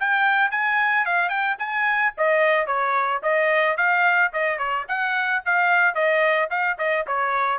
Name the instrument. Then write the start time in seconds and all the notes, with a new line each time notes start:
trumpet
0.00 G5
0.51 G#5
1.06 F5
1.29 G5
1.59 G#5
2.18 D#5
2.67 C#5
3.23 D#5
3.77 F5
4.33 D#5
4.58 C#5
4.89 F#5
5.46 F5
5.95 D#5
6.50 F5
6.79 D#5
7.07 C#5